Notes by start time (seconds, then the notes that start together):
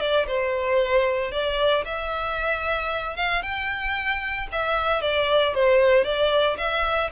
0.00 D5
0.27 C5
1.32 D5
1.85 E5
3.17 F5
3.42 G5
4.52 E5
5.01 D5
5.54 C5
6.04 D5
6.57 E5